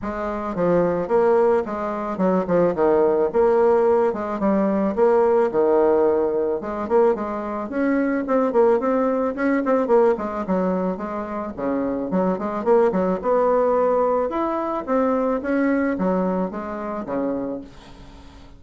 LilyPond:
\new Staff \with { instrumentName = "bassoon" } { \time 4/4 \tempo 4 = 109 gis4 f4 ais4 gis4 | fis8 f8 dis4 ais4. gis8 | g4 ais4 dis2 | gis8 ais8 gis4 cis'4 c'8 ais8 |
c'4 cis'8 c'8 ais8 gis8 fis4 | gis4 cis4 fis8 gis8 ais8 fis8 | b2 e'4 c'4 | cis'4 fis4 gis4 cis4 | }